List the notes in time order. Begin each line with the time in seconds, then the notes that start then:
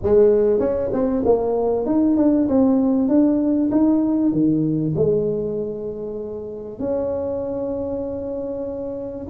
0.02 G#3
0.59 C#4
0.93 C4
1.25 A#3
1.86 D#4
2.16 D4
2.48 C4
3.08 D4
3.71 D#4
4.32 D#3
4.95 G#3
6.79 C#4